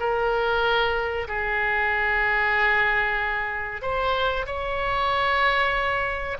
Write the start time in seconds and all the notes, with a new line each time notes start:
0.00 A#4
1.28 G#4
3.82 C5
4.46 C#5